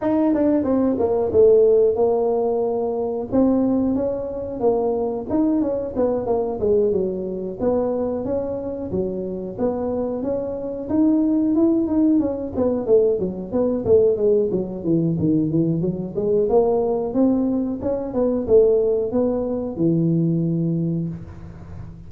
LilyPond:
\new Staff \with { instrumentName = "tuba" } { \time 4/4 \tempo 4 = 91 dis'8 d'8 c'8 ais8 a4 ais4~ | ais4 c'4 cis'4 ais4 | dis'8 cis'8 b8 ais8 gis8 fis4 b8~ | b8 cis'4 fis4 b4 cis'8~ |
cis'8 dis'4 e'8 dis'8 cis'8 b8 a8 | fis8 b8 a8 gis8 fis8 e8 dis8 e8 | fis8 gis8 ais4 c'4 cis'8 b8 | a4 b4 e2 | }